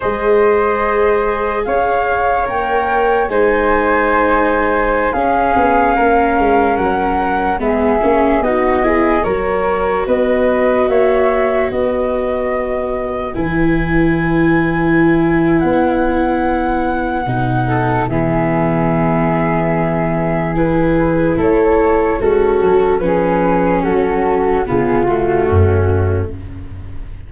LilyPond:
<<
  \new Staff \with { instrumentName = "flute" } { \time 4/4 \tempo 4 = 73 dis''2 f''4 g''4 | gis''2~ gis''16 f''4.~ f''16~ | f''16 fis''4 e''4 dis''4 cis''8.~ | cis''16 dis''4 e''4 dis''4.~ dis''16~ |
dis''16 gis''2~ gis''8. fis''4~ | fis''2 e''2~ | e''4 b'4 cis''4 a'4 | b'4 a'4 gis'8 fis'4. | }
  \new Staff \with { instrumentName = "flute" } { \time 4/4 c''2 cis''2 | c''2~ c''16 gis'4 ais'8.~ | ais'4~ ais'16 gis'4 fis'8 gis'8 ais'8.~ | ais'16 b'4 cis''4 b'4.~ b'16~ |
b'1~ | b'4. a'8 gis'2~ | gis'2 a'4 cis'4 | gis'4 fis'4 f'4 cis'4 | }
  \new Staff \with { instrumentName = "viola" } { \time 4/4 gis'2. ais'4 | dis'2~ dis'16 cis'4.~ cis'16~ | cis'4~ cis'16 b8 cis'8 dis'8 e'8 fis'8.~ | fis'1~ |
fis'16 e'2.~ e'8.~ | e'4 dis'4 b2~ | b4 e'2 fis'4 | cis'2 b8 a4. | }
  \new Staff \with { instrumentName = "tuba" } { \time 4/4 gis2 cis'4 ais4 | gis2~ gis16 cis'8 b8 ais8 gis16~ | gis16 fis4 gis8 ais8 b4 fis8.~ | fis16 b4 ais4 b4.~ b16~ |
b16 e2~ e8. b4~ | b4 b,4 e2~ | e2 a4 gis8 fis8 | f4 fis4 cis4 fis,4 | }
>>